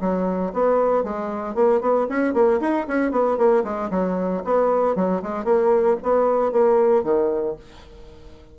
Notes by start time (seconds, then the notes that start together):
0.00 F#3
0.53 B3
1.03 G#3
1.55 A#3
1.80 B3
2.09 C#4
2.33 A#3
2.60 D#4
2.87 C#4
3.11 B3
3.37 A#3
3.64 G#3
3.90 F#3
4.44 B3
4.95 F#3
5.22 G#3
5.44 A#3
6.02 B3
6.52 A#3
7.03 D#3